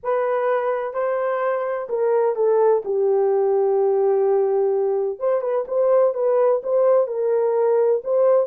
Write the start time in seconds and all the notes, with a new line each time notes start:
0.03 B4
0.93 C5
1.89 A#4
2.35 A4
2.85 G4
5.19 C5
5.41 B4
5.67 C5
6.14 B4
6.63 C5
7.07 A#4
8.04 C5